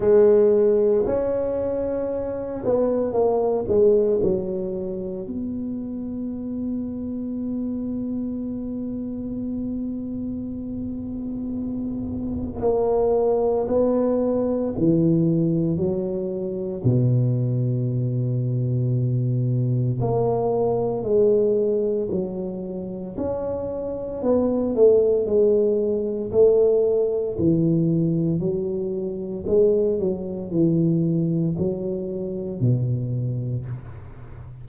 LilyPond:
\new Staff \with { instrumentName = "tuba" } { \time 4/4 \tempo 4 = 57 gis4 cis'4. b8 ais8 gis8 | fis4 b2.~ | b1 | ais4 b4 e4 fis4 |
b,2. ais4 | gis4 fis4 cis'4 b8 a8 | gis4 a4 e4 fis4 | gis8 fis8 e4 fis4 b,4 | }